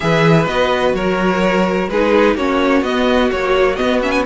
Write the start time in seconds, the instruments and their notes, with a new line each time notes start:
0.00 cello E3, viola G#4, violin B4 E5
0.46 cello B3, viola F#4, violin D#5
0.93 cello F#3, violin A#4 C#5
1.88 cello G#3, viola D#4, violin G#4 B4
2.35 cello A#3, viola C#4, violin F#4 C#5
2.82 cello B3, viola B3, violin D#5
3.30 viola F#3, cello A#3, violin C#5
3.76 viola B3, cello B3, violin D#5
4.02 viola C#4, violin E5
4.11 violin G#5